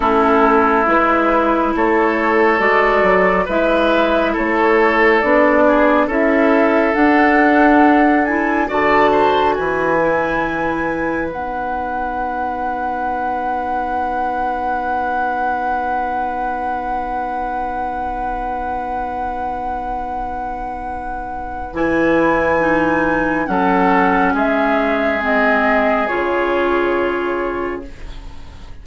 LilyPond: <<
  \new Staff \with { instrumentName = "flute" } { \time 4/4 \tempo 4 = 69 a'4 b'4 cis''4 d''4 | e''4 cis''4 d''4 e''4 | fis''4. gis''8 a''4 gis''4~ | gis''4 fis''2.~ |
fis''1~ | fis''1~ | fis''4 gis''2 fis''4 | e''4 dis''4 cis''2 | }
  \new Staff \with { instrumentName = "oboe" } { \time 4/4 e'2 a'2 | b'4 a'4. gis'8 a'4~ | a'2 d''8 c''8 b'4~ | b'1~ |
b'1~ | b'1~ | b'2. a'4 | gis'1 | }
  \new Staff \with { instrumentName = "clarinet" } { \time 4/4 cis'4 e'2 fis'4 | e'2 d'4 e'4 | d'4. e'8 fis'4. e'8~ | e'4 dis'2.~ |
dis'1~ | dis'1~ | dis'4 e'4 dis'4 cis'4~ | cis'4 c'4 f'2 | }
  \new Staff \with { instrumentName = "bassoon" } { \time 4/4 a4 gis4 a4 gis8 fis8 | gis4 a4 b4 cis'4 | d'2 d4 e4~ | e4 b2.~ |
b1~ | b1~ | b4 e2 fis4 | gis2 cis2 | }
>>